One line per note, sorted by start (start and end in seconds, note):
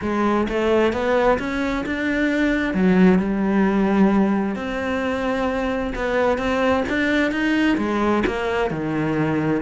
0.01 0.47 G#3
0.49 0.92 A3
0.92 1.38 B3
1.38 1.84 C#4
1.86 2.74 D4
2.74 3.18 F#3
3.18 4.55 G3
4.55 5.93 C4
5.95 6.37 B3
6.37 6.83 C4
6.88 7.31 D4
7.31 7.77 D#4
7.77 8.23 G#3
8.26 8.70 A#3
8.70 9.61 D#3